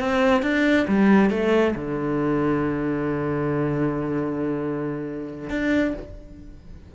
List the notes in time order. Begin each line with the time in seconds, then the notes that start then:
0.00 C4
0.43 D4
0.88 G3
1.30 A3
1.75 D3
5.50 D4